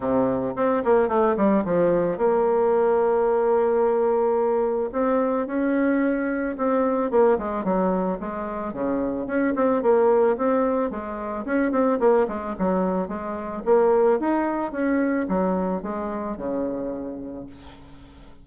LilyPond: \new Staff \with { instrumentName = "bassoon" } { \time 4/4 \tempo 4 = 110 c4 c'8 ais8 a8 g8 f4 | ais1~ | ais4 c'4 cis'2 | c'4 ais8 gis8 fis4 gis4 |
cis4 cis'8 c'8 ais4 c'4 | gis4 cis'8 c'8 ais8 gis8 fis4 | gis4 ais4 dis'4 cis'4 | fis4 gis4 cis2 | }